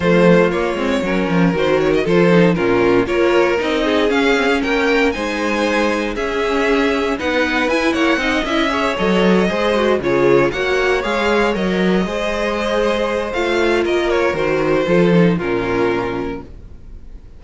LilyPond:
<<
  \new Staff \with { instrumentName = "violin" } { \time 4/4 \tempo 4 = 117 c''4 cis''2 c''8 cis''16 dis''16 | c''4 ais'4 cis''4 dis''4 | f''4 g''4 gis''2 | e''2 fis''4 gis''8 fis''8~ |
fis''8 e''4 dis''2 cis''8~ | cis''8 fis''4 f''4 dis''4.~ | dis''2 f''4 dis''8 cis''8 | c''2 ais'2 | }
  \new Staff \with { instrumentName = "violin" } { \time 4/4 f'2 ais'2 | a'4 f'4 ais'4. gis'8~ | gis'4 ais'4 c''2 | gis'2 b'4. cis''8 |
dis''4 cis''4. c''4 gis'8~ | gis'8 cis''2. c''8~ | c''2. ais'4~ | ais'4 a'4 f'2 | }
  \new Staff \with { instrumentName = "viola" } { \time 4/4 a4 ais8 c'8 cis'4 fis'4 | f'8 dis'8 cis'4 f'4 dis'4 | cis'8 c'16 cis'4~ cis'16 dis'2 | cis'2 dis'4 e'4 |
dis'8 e'8 gis'8 a'4 gis'8 fis'8 f'8~ | f'8 fis'4 gis'4 ais'4 gis'8~ | gis'2 f'2 | fis'4 f'8 dis'8 cis'2 | }
  \new Staff \with { instrumentName = "cello" } { \time 4/4 f4 ais8 gis8 fis8 f8 dis4 | f4 ais,4 ais4 c'4 | cis'4 ais4 gis2 | cis'2 b4 e'8 ais8 |
c'8 cis'4 fis4 gis4 cis8~ | cis8 ais4 gis4 fis4 gis8~ | gis2 a4 ais4 | dis4 f4 ais,2 | }
>>